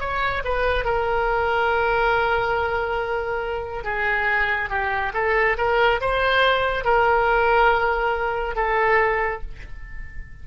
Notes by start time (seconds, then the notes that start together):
0.00 C#5
0.44 B4
0.85 A#4
3.84 G#4
4.69 G4
5.14 A4
5.58 A#4
6.01 C5
6.84 A#4
8.56 A4